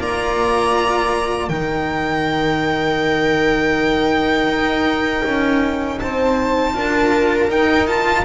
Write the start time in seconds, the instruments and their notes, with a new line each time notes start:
0.00 double bass A#3, cello F4, viola D5, violin A#5
1.49 double bass D#3, cello D#4, viola A#4, violin G5
4.48 double bass D#4
5.25 double bass C#4
6.00 double bass C4, viola C5, violin A5
6.74 double bass D4, cello F4, viola A#4
7.50 cello D#4, double bass D#4, violin G5
7.87 cello F4, violin A5